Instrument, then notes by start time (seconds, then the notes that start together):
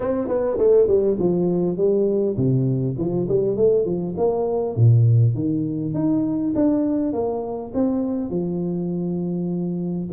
tuba
0.00 C4
0.28 B3
0.58 A3
0.87 G3
1.19 F3
1.77 G3
2.36 C3
2.97 F3
3.28 G3
3.56 A3
3.85 F3
4.17 A#3
4.76 A#2
5.34 D#3
5.94 D#4
6.55 D4
7.12 A#3
7.74 C4
8.30 F3